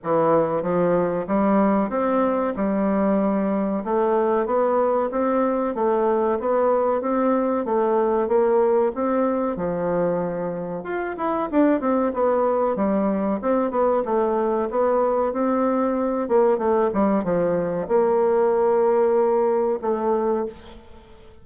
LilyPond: \new Staff \with { instrumentName = "bassoon" } { \time 4/4 \tempo 4 = 94 e4 f4 g4 c'4 | g2 a4 b4 | c'4 a4 b4 c'4 | a4 ais4 c'4 f4~ |
f4 f'8 e'8 d'8 c'8 b4 | g4 c'8 b8 a4 b4 | c'4. ais8 a8 g8 f4 | ais2. a4 | }